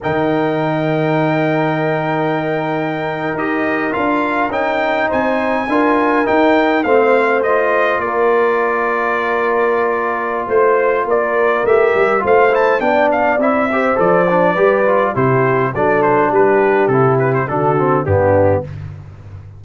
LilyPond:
<<
  \new Staff \with { instrumentName = "trumpet" } { \time 4/4 \tempo 4 = 103 g''1~ | g''4.~ g''16 dis''4 f''4 g''16~ | g''8. gis''2 g''4 f''16~ | f''8. dis''4 d''2~ d''16~ |
d''2 c''4 d''4 | e''4 f''8 a''8 g''8 f''8 e''4 | d''2 c''4 d''8 c''8 | b'4 a'8 b'16 c''16 a'4 g'4 | }
  \new Staff \with { instrumentName = "horn" } { \time 4/4 ais'1~ | ais'1~ | ais'8. c''4 ais'2 c''16~ | c''4.~ c''16 ais'2~ ais'16~ |
ais'2 c''4 ais'4~ | ais'4 c''4 d''4. c''8~ | c''4 b'4 g'4 a'4 | g'2 fis'4 d'4 | }
  \new Staff \with { instrumentName = "trombone" } { \time 4/4 dis'1~ | dis'4.~ dis'16 g'4 f'4 dis'16~ | dis'4.~ dis'16 f'4 dis'4 c'16~ | c'8. f'2.~ f'16~ |
f'1 | g'4 f'8 e'8 d'4 e'8 g'8 | a'8 d'8 g'8 f'8 e'4 d'4~ | d'4 e'4 d'8 c'8 b4 | }
  \new Staff \with { instrumentName = "tuba" } { \time 4/4 dis1~ | dis4.~ dis16 dis'4 d'4 cis'16~ | cis'8. c'4 d'4 dis'4 a16~ | a4.~ a16 ais2~ ais16~ |
ais2 a4 ais4 | a8 g8 a4 b4 c'4 | f4 g4 c4 fis4 | g4 c4 d4 g,4 | }
>>